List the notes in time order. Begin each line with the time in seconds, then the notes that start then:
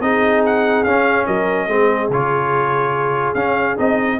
0.00 C4 D#4 G#4 D#5
0.46 F#5
0.84 C#4 F5
1.26 F#3 A#4 D#5
1.66 G#3 C4 G#4
2.09 C#3 F4 C#5
3.34 C#4 F5
3.77 C4 D#4 D#5